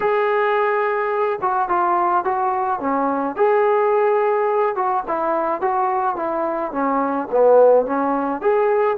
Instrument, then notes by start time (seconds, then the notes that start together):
trombone
0.00 G#4
1.41 F#4
1.68 F4
2.24 F#4
2.79 C#4
3.36 G#4
4.75 F#4
5.07 E4
5.61 F#4
6.15 E4
6.72 C#4
7.30 B3
7.86 C#4
8.41 G#4